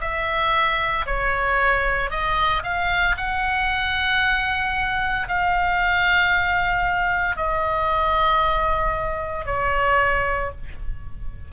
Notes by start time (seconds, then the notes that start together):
0.00 E5
1.06 C#5
2.10 D#5
2.63 F5
3.17 F#5
5.28 F5
7.36 D#5
9.45 C#5